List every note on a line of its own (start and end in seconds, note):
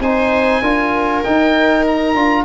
0.00 0.61 C4
0.00 0.63 D#4
0.00 0.62 C5
0.00 1.24 G#5
0.62 1.23 D4
0.62 1.24 F4
0.62 2.45 A#4
1.24 2.16 D#4
1.24 2.15 D#4
1.24 1.85 G5
1.87 2.45 A#5
2.15 2.45 D4
2.15 2.45 F4